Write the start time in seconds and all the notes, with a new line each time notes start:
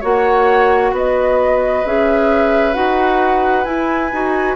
0.00 A#3 F#4 C#5 F#5
0.92 B3 B4 D#5
1.85 C#4 G#4 E5
2.73 D#4 F#4 F#5
3.64 E4 G#5
4.12 D#4 F#4